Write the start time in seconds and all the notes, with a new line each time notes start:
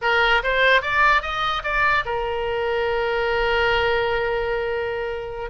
0.01 A#4
0.43 C5
0.81 D5
1.22 D#5
1.63 D5
2.05 A#4